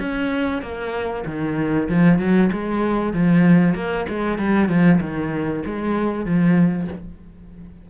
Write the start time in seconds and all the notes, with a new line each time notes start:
0.00 C#4
0.62 A#3
1.26 D#3
1.89 F3
2.19 F#3
2.53 G#3
3.13 F3
3.75 A#3
4.09 G#3
4.39 G3
4.69 F3
5.01 D#3
5.66 G#3
6.26 F3